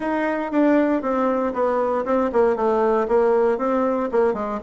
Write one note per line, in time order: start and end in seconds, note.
0.00 0.51 D#4
0.51 1.02 D4
1.02 1.53 C4
1.53 2.05 B3
2.05 2.31 C4
2.32 2.56 A#3
2.56 3.07 A3
3.08 3.58 A#3
3.58 4.09 C4
4.11 4.33 A#3
4.33 4.59 G#3